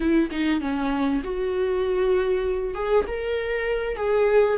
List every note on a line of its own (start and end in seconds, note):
0.00 0.29 E4
0.31 0.60 D#4
0.60 1.22 C#4
1.23 2.74 F#4
2.74 3.05 G#4
3.07 3.96 A#4
3.96 4.57 G#4